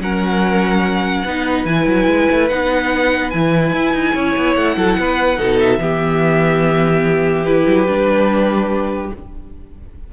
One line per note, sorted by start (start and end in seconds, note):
0.00 1.24 F#3
0.00 1.26 C#4
0.00 1.25 A#4
0.00 1.66 F#5
1.25 1.65 B3
1.25 1.67 D#4
1.25 4.14 B4
1.65 1.86 E3
1.65 2.50 E4
1.65 2.49 G#5
1.87 2.07 F#3
2.07 2.28 G#3
2.31 2.51 A3
2.49 3.33 B3
2.49 3.33 D#4
2.49 3.30 F#5
3.30 3.73 E3
3.30 5.37 E4
3.30 4.54 G#5
3.73 3.93 E4
3.93 4.14 D#4
4.14 4.36 C#4
4.14 4.76 C#5
4.36 4.56 B3
4.55 4.77 A3
4.55 5.59 F#5
4.77 4.97 F#3
4.77 4.98 A4
4.98 5.39 B3
4.98 5.39 B4
5.37 5.79 B2
5.37 5.79 D#4
5.37 5.80 A4
5.60 7.46 E5
5.79 7.65 E3
5.79 7.44 B3
5.79 9.13 G4
7.46 7.87 E4
7.46 9.11 B4
7.67 7.87 F#3
7.87 9.12 G3
7.87 9.11 D4